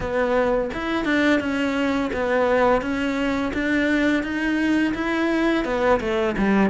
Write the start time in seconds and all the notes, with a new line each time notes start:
0.00 B3
0.73 E4
1.04 D4
1.40 C#4
2.13 B3
2.81 C#4
3.53 D4
4.23 D#4
4.94 E4
5.64 B3
6.00 A3
6.37 G3